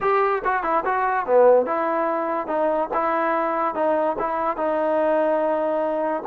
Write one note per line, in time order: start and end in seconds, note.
0.01 0.42 G4
0.44 0.63 F#4
0.63 0.84 E4
0.85 1.26 F#4
1.26 1.66 B3
1.66 2.47 E4
2.47 2.89 D#4
2.93 3.74 E4
3.74 4.16 D#4
4.18 4.56 E4
4.56 6.23 D#4